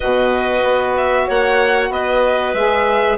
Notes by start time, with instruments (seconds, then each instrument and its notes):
0.00 bassoon B2, saxophone F#4, clarinet B4, violin D#5
0.63 bassoon B3
0.96 violin E5
1.26 bassoon A#3, clarinet C#5, violin F#5
1.89 bassoon B3, clarinet B4, violin D#5
2.53 bassoon G#3, saxophone G#4, violin E5